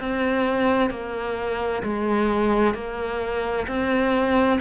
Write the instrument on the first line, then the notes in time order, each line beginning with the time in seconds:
cello
0.00 C4
0.90 A#3
1.83 G#3
2.74 A#3
3.67 C4